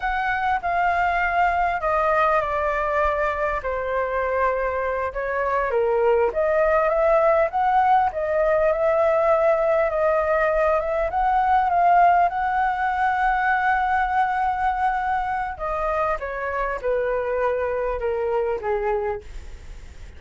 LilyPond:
\new Staff \with { instrumentName = "flute" } { \time 4/4 \tempo 4 = 100 fis''4 f''2 dis''4 | d''2 c''2~ | c''8 cis''4 ais'4 dis''4 e''8~ | e''8 fis''4 dis''4 e''4.~ |
e''8 dis''4. e''8 fis''4 f''8~ | f''8 fis''2.~ fis''8~ | fis''2 dis''4 cis''4 | b'2 ais'4 gis'4 | }